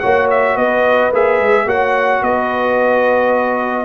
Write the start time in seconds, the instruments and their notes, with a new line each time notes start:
0.00 tuba A#3, trombone F#4, horn C#5, trumpet F#5
0.31 trumpet E5
0.55 tuba B3, horn B4, trumpet D#5
1.12 tuba A#3, trombone G#4, trumpet E5
1.40 tuba G#3
1.66 tuba A#3, trombone F#4, horn C#5, trumpet F#5
2.23 tuba B3, horn B4, trumpet D#5